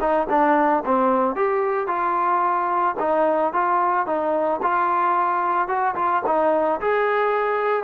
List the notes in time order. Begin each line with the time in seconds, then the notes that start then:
0.00 D#4
0.29 D4
0.85 C4
1.35 G4
1.87 F4
2.99 D#4
3.53 F4
4.06 D#4
4.62 F4
5.68 F#4
5.95 F4
6.26 D#4
6.80 G#4